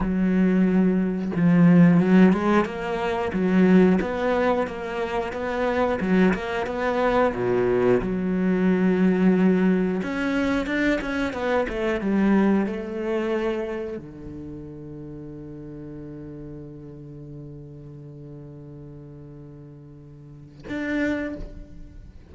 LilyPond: \new Staff \with { instrumentName = "cello" } { \time 4/4 \tempo 4 = 90 fis2 f4 fis8 gis8 | ais4 fis4 b4 ais4 | b4 fis8 ais8 b4 b,4 | fis2. cis'4 |
d'8 cis'8 b8 a8 g4 a4~ | a4 d2.~ | d1~ | d2. d'4 | }